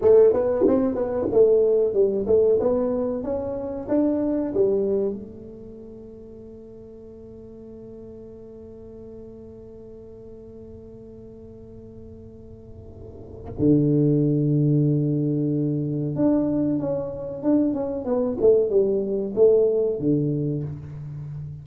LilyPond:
\new Staff \with { instrumentName = "tuba" } { \time 4/4 \tempo 4 = 93 a8 b8 c'8 b8 a4 g8 a8 | b4 cis'4 d'4 g4 | a1~ | a1~ |
a1~ | a4 d2.~ | d4 d'4 cis'4 d'8 cis'8 | b8 a8 g4 a4 d4 | }